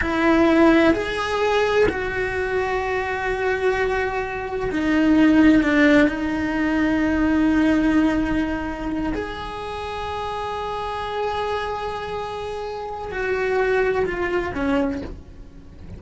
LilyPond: \new Staff \with { instrumentName = "cello" } { \time 4/4 \tempo 4 = 128 e'2 gis'2 | fis'1~ | fis'2 dis'2 | d'4 dis'2.~ |
dis'2.~ dis'8 gis'8~ | gis'1~ | gis'1 | fis'2 f'4 cis'4 | }